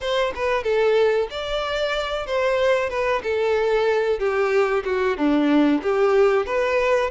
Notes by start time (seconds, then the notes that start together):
0.01 C5
0.35 B4
0.63 A4
1.30 D5
2.26 C5
2.89 B4
3.23 A4
4.19 G4
4.84 F#4
5.17 D4
5.82 G4
6.45 B4